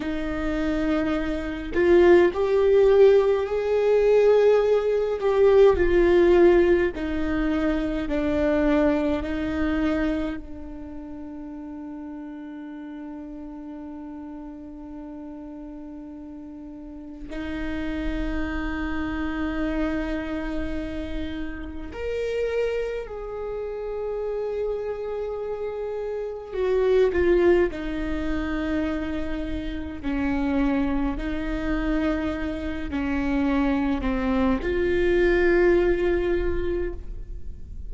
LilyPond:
\new Staff \with { instrumentName = "viola" } { \time 4/4 \tempo 4 = 52 dis'4. f'8 g'4 gis'4~ | gis'8 g'8 f'4 dis'4 d'4 | dis'4 d'2.~ | d'2. dis'4~ |
dis'2. ais'4 | gis'2. fis'8 f'8 | dis'2 cis'4 dis'4~ | dis'8 cis'4 c'8 f'2 | }